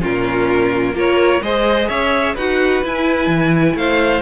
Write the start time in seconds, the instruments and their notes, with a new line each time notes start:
0.00 cello A#2, viola C#4, violin F4 A#4
0.94 cello A#3, viola F4, violin A#4 C#5
1.42 cello G#3, viola G#4, violin C5 D#5
1.88 cello C#4, violin C#5 E5
2.35 cello D#4, viola F#4, violin B4 F#5
2.83 viola E4, cello E4, violin G#5
3.27 cello E3
3.75 cello A3, violin C5 F5